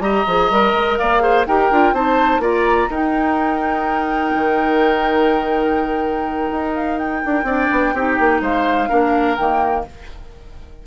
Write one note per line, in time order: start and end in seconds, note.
0.00 0.24 G3
0.00 0.26 G4
0.00 0.99 D#5
0.00 0.97 A#5
0.27 0.51 F3
0.27 0.52 G#4
0.51 0.74 G3
0.51 1.20 A#4
0.74 0.98 G#3
0.98 1.47 A#3
0.98 1.23 D5
0.98 1.46 F5
1.20 1.44 G#4
1.20 1.47 C5
1.47 1.71 D#4
1.47 1.72 G4
1.47 1.95 A#4
1.47 1.95 G5
1.71 1.93 D4
1.71 1.95 F4
1.93 2.39 C4
1.93 2.41 D#4
1.93 2.42 C5
1.93 2.43 A5
2.39 2.87 A#3
2.39 2.89 F4
2.39 2.90 D5
2.39 2.92 A#5
2.90 4.34 D#4
2.90 7.47 D#4
2.90 7.46 A#4
2.90 6.75 G5
4.35 6.51 D#3
6.52 7.24 D#4
6.75 6.99 F5
6.99 8.43 G5
7.26 7.44 D4
7.44 7.68 C4
7.44 7.95 D4
7.44 7.94 D5
7.72 7.94 B3
7.94 8.18 C4
7.94 8.89 D#4
7.94 8.42 G4
8.19 8.41 A#3
8.41 8.89 G#3
8.41 8.89 C5
8.41 9.36 F5
8.89 9.39 A#3
8.89 9.37 D4
8.89 9.85 A#4
9.36 9.87 D#3
9.36 9.86 A#3
9.36 9.84 G5